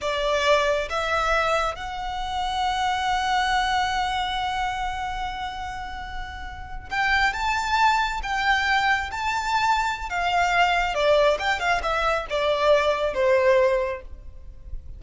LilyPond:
\new Staff \with { instrumentName = "violin" } { \time 4/4 \tempo 4 = 137 d''2 e''2 | fis''1~ | fis''1~ | fis''2.~ fis''8. g''16~ |
g''8. a''2 g''4~ g''16~ | g''8. a''2~ a''16 f''4~ | f''4 d''4 g''8 f''8 e''4 | d''2 c''2 | }